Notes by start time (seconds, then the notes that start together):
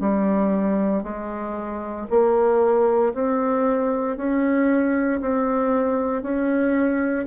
0.00 G3
1.03 G#3
2.10 A#3
3.14 C4
4.17 C#4
5.21 C4
6.23 C#4